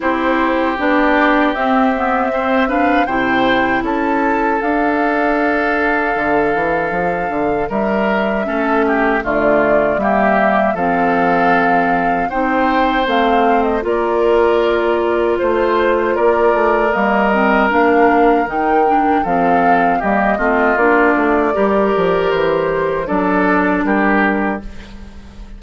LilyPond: <<
  \new Staff \with { instrumentName = "flute" } { \time 4/4 \tempo 4 = 78 c''4 d''4 e''4. f''8 | g''4 a''4 f''2~ | f''2 e''2 | d''4 e''4 f''2 |
g''4 f''8. dis''16 d''2 | c''4 d''4 dis''4 f''4 | g''4 f''4 dis''4 d''4~ | d''4 c''4 d''4 ais'4 | }
  \new Staff \with { instrumentName = "oboe" } { \time 4/4 g'2. c''8 b'8 | c''4 a'2.~ | a'2 ais'4 a'8 g'8 | f'4 g'4 a'2 |
c''2 ais'2 | c''4 ais'2.~ | ais'4 a'4 g'8 f'4. | ais'2 a'4 g'4 | }
  \new Staff \with { instrumentName = "clarinet" } { \time 4/4 e'4 d'4 c'8 b8 c'8 d'8 | e'2 d'2~ | d'2. cis'4 | a4 ais4 c'2 |
dis'4 c'4 f'2~ | f'2 ais8 c'8 d'4 | dis'8 d'8 c'4 ais8 c'8 d'4 | g'2 d'2 | }
  \new Staff \with { instrumentName = "bassoon" } { \time 4/4 c'4 b4 c'2 | c4 cis'4 d'2 | d8 e8 f8 d8 g4 a4 | d4 g4 f2 |
c'4 a4 ais2 | a4 ais8 a8 g4 ais4 | dis4 f4 g8 a8 ais8 a8 | g8 f8 e4 fis4 g4 | }
>>